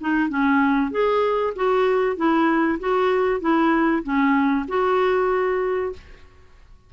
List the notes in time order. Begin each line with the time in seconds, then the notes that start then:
0.00 D#4
0.29 C#4
0.91 G#4
1.55 F#4
2.16 E4
2.80 F#4
3.40 E4
4.03 C#4
4.68 F#4